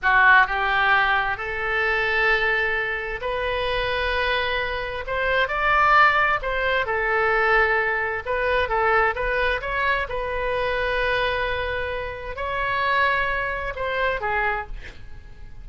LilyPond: \new Staff \with { instrumentName = "oboe" } { \time 4/4 \tempo 4 = 131 fis'4 g'2 a'4~ | a'2. b'4~ | b'2. c''4 | d''2 c''4 a'4~ |
a'2 b'4 a'4 | b'4 cis''4 b'2~ | b'2. cis''4~ | cis''2 c''4 gis'4 | }